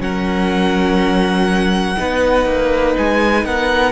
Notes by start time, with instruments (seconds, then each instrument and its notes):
0.00 cello F#3, viola C#4, violin A#4 F#5
1.97 cello B3, viola D#4, violin B4
2.46 cello A#3
2.98 cello G#3, violin G#5
3.45 cello B3, violin A#4 F#5